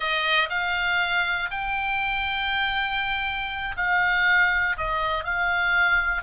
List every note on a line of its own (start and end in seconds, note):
0.00 0.48 D#5
0.49 1.49 F5
1.50 3.75 G5
3.76 4.76 F5
4.77 5.24 D#5
5.24 6.22 F5